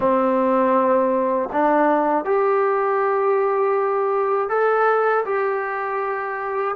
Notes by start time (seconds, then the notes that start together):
0.00 C4
1.52 D4
2.24 G4
4.49 A4
5.25 G4